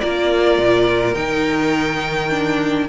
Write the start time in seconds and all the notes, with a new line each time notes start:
0.00 A#3 F4 A#4 D5
0.58 A#2
1.14 D#3 D#4 G5
2.30 D4